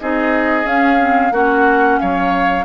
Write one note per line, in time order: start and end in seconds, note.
0.00 0.64 C4
0.00 0.64 D#4
0.00 1.33 G#4
0.00 0.67 D#5
0.64 0.97 C#4
0.64 1.31 C#4
0.64 1.32 F5
0.99 1.32 C4
1.31 1.98 A#3
1.31 2.65 C#4
1.31 1.99 F#4
1.31 1.99 F#5
1.99 2.65 F#3
1.99 2.65 C#5
1.99 2.65 F5